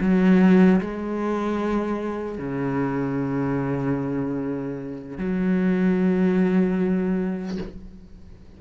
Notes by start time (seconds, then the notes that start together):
0.00 F#3
0.80 G#3
2.38 C#3
5.18 F#3